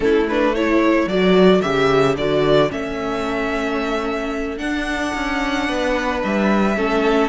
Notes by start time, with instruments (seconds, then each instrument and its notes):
0.00 cello A3, viola C#4, violin E4 A4
0.28 viola D4, violin B4
0.55 viola E4, violin A4 C#5
1.07 cello F#3, viola F#4, violin D5
1.61 cello C#3, viola G4, violin E5
2.16 cello D3, viola F#4, violin D5
2.69 cello A3, viola C#4, violin E5
4.57 viola D4, cello D4, violin F#5
5.14 cello C#4
5.68 cello B3, violin B4
6.23 cello G3, violin E5
6.76 cello A3, viola C#4, violin A4